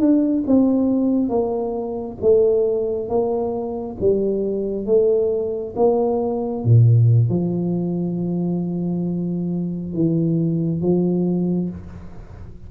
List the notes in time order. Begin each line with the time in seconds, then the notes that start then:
0.00 D4
0.47 C4
1.29 A#3
2.21 A3
3.09 A#3
4.00 G3
4.86 A3
5.76 A#3
6.64 A#2
7.29 F3
9.94 E3
10.81 F3